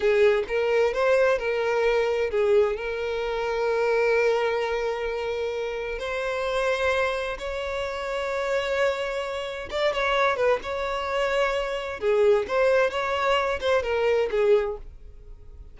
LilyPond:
\new Staff \with { instrumentName = "violin" } { \time 4/4 \tempo 4 = 130 gis'4 ais'4 c''4 ais'4~ | ais'4 gis'4 ais'2~ | ais'1~ | ais'4 c''2. |
cis''1~ | cis''4 d''8 cis''4 b'8 cis''4~ | cis''2 gis'4 c''4 | cis''4. c''8 ais'4 gis'4 | }